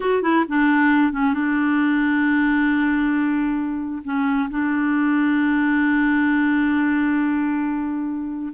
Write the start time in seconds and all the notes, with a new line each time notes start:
0.00 F#4
0.22 E4
0.48 D4
1.12 C#4
1.33 D4
4.04 C#4
4.50 D4